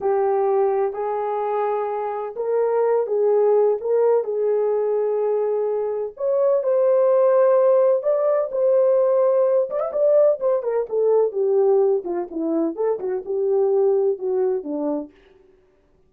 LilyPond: \new Staff \with { instrumentName = "horn" } { \time 4/4 \tempo 4 = 127 g'2 gis'2~ | gis'4 ais'4. gis'4. | ais'4 gis'2.~ | gis'4 cis''4 c''2~ |
c''4 d''4 c''2~ | c''8 d''16 e''16 d''4 c''8 ais'8 a'4 | g'4. f'8 e'4 a'8 fis'8 | g'2 fis'4 d'4 | }